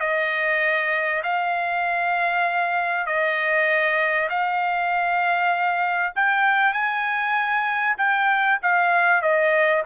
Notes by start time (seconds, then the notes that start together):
0.00 D#5
1.23 F5
3.06 D#5
4.29 F5
6.15 G5
6.73 G#5
7.98 G5
8.62 F5
9.22 D#5